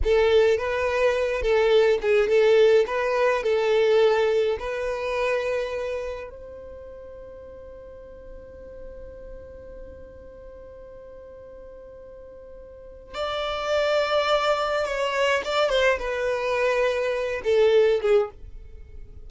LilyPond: \new Staff \with { instrumentName = "violin" } { \time 4/4 \tempo 4 = 105 a'4 b'4. a'4 gis'8 | a'4 b'4 a'2 | b'2. c''4~ | c''1~ |
c''1~ | c''2. d''4~ | d''2 cis''4 d''8 c''8 | b'2~ b'8 a'4 gis'8 | }